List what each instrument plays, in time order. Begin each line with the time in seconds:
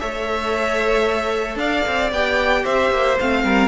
0.00 cello A3, viola A4, violin C#5 E5
1.56 cello D4, violin D5 F5
1.88 cello C4
2.12 cello B3, viola G4, violin G5
2.63 cello C4, violin C5 E5
2.91 cello A#3
3.20 cello A3, viola C4, violin F5
3.45 cello G3, violin A#4